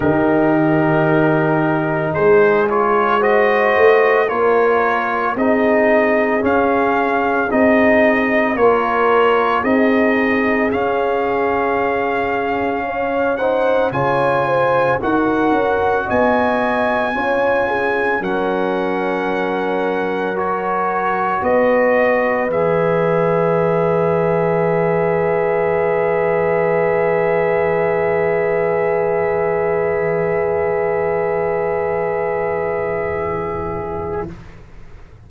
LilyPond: <<
  \new Staff \with { instrumentName = "trumpet" } { \time 4/4 \tempo 4 = 56 ais'2 c''8 cis''8 dis''4 | cis''4 dis''4 f''4 dis''4 | cis''4 dis''4 f''2~ | f''8 fis''8 gis''4 fis''4 gis''4~ |
gis''4 fis''2 cis''4 | dis''4 e''2.~ | e''1~ | e''1 | }
  \new Staff \with { instrumentName = "horn" } { \time 4/4 g'2 gis'4 c''4 | ais'4 gis'2. | ais'4 gis'2. | cis''8 c''8 cis''8 c''8 ais'4 dis''4 |
cis''8 gis'8 ais'2. | b'1~ | b'1~ | b'1 | }
  \new Staff \with { instrumentName = "trombone" } { \time 4/4 dis'2~ dis'8 f'8 fis'4 | f'4 dis'4 cis'4 dis'4 | f'4 dis'4 cis'2~ | cis'8 dis'8 f'4 fis'2 |
f'4 cis'2 fis'4~ | fis'4 gis'2.~ | gis'1~ | gis'1 | }
  \new Staff \with { instrumentName = "tuba" } { \time 4/4 dis2 gis4. a8 | ais4 c'4 cis'4 c'4 | ais4 c'4 cis'2~ | cis'4 cis4 dis'8 cis'8 b4 |
cis'4 fis2. | b4 e2.~ | e1~ | e1 | }
>>